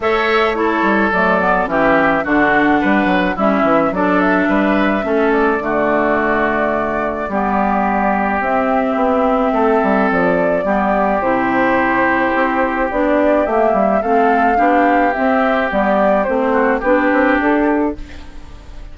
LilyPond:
<<
  \new Staff \with { instrumentName = "flute" } { \time 4/4 \tempo 4 = 107 e''4 cis''4 d''4 e''4 | fis''2 e''4 d''8 e''8~ | e''4. d''2~ d''8~ | d''2. e''4~ |
e''2 d''2 | c''2. d''4 | e''4 f''2 e''4 | d''4 c''4 b'4 a'4 | }
  \new Staff \with { instrumentName = "oboe" } { \time 4/4 cis''4 a'2 g'4 | fis'4 b'4 e'4 a'4 | b'4 a'4 fis'2~ | fis'4 g'2.~ |
g'4 a'2 g'4~ | g'1~ | g'4 a'4 g'2~ | g'4. fis'8 g'2 | }
  \new Staff \with { instrumentName = "clarinet" } { \time 4/4 a'4 e'4 a8 b8 cis'4 | d'2 cis'4 d'4~ | d'4 cis'4 a2~ | a4 b2 c'4~ |
c'2. b4 | e'2. d'4 | ais4 c'4 d'4 c'4 | b4 c'4 d'2 | }
  \new Staff \with { instrumentName = "bassoon" } { \time 4/4 a4. g8 fis4 e4 | d4 g8 fis8 g8 e8 fis4 | g4 a4 d2~ | d4 g2 c'4 |
b4 a8 g8 f4 g4 | c2 c'4 b4 | a8 g8 a4 b4 c'4 | g4 a4 b8 c'8 d'4 | }
>>